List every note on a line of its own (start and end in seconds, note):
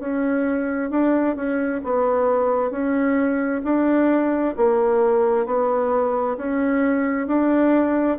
0.00 0.91 C#4
0.91 1.36 D4
1.36 1.81 C#4
1.84 2.71 B3
2.71 3.62 C#4
3.64 4.55 D4
4.57 5.46 A#3
5.46 6.37 B3
6.37 7.28 C#4
7.28 8.19 D4